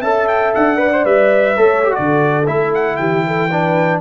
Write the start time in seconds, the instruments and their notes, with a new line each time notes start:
0.00 tuba C#4, trombone A4, horn E5, trumpet A5
0.28 trumpet G5
0.54 tuba D4, trumpet F#5
0.77 trombone B4, horn D5
0.93 trombone C5
1.05 tuba G3, trombone B4, trumpet E5
1.57 tuba A3, trombone A4, horn C#5
1.83 trombone G4
1.91 trombone F#4, trumpet D5
1.98 tuba D3, horn A4
2.47 tuba A3, trombone E4, trumpet E5
2.75 trumpet F#5
2.97 tuba E3, horn G4, trumpet G5
3.27 horn A4
3.50 trombone D4, horn B4